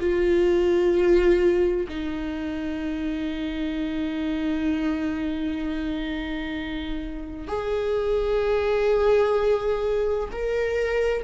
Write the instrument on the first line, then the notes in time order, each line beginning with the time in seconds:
viola
0.00 F4
1.89 D#4
7.48 G#4
10.32 A#4